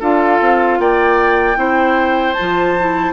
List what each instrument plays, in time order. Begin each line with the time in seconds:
0.00 bassoon D4, clarinet F4, oboe A4, flute F5
0.40 bassoon C4
0.79 bassoon A#3, oboe D5, flute G5
1.56 bassoon C4, clarinet E4, oboe C5
2.34 clarinet F4, flute A5
2.41 bassoon F3
2.79 clarinet E4